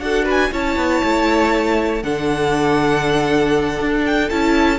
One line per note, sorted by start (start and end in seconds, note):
0.00 0.51 D4
0.00 0.52 F#4
0.00 0.25 A4
0.00 0.25 F#5
0.25 0.50 B4
0.25 0.54 G#5
0.52 0.77 C#4
0.52 2.03 E4
0.52 2.04 C#5
0.52 2.03 A5
0.77 1.02 B3
1.04 2.04 A3
2.03 3.80 D3
2.03 4.30 D4
2.03 4.79 A4
2.03 4.05 F#5
3.81 4.31 D4
4.06 4.30 G5
4.30 4.79 C#4
4.30 4.79 E4
4.30 4.79 A5